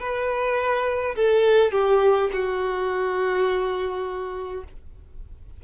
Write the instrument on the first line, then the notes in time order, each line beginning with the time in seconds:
violin
0.00 B4
1.16 A4
1.72 G4
2.33 F#4